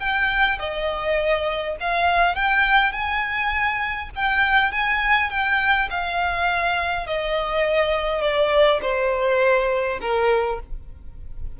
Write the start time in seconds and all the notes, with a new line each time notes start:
0.00 G5
0.59 D#5
1.80 F5
2.35 G5
2.93 G#5
4.16 G5
4.72 G#5
5.30 G5
5.90 F5
7.07 D#5
8.21 D5
8.82 C5
10.01 A#4